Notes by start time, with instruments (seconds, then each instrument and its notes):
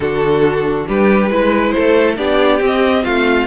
0.00 cello D3, viola D4, violin F#4 A4
0.87 cello G3, violin G4 B4
1.30 cello G#3, viola E4, violin B4
1.70 violin A4 C5
1.78 cello A3
2.17 cello B3, viola D4, violin G4 D5
2.60 cello C4, viola C4, violin D#5
3.03 cello A3, violin F4 F5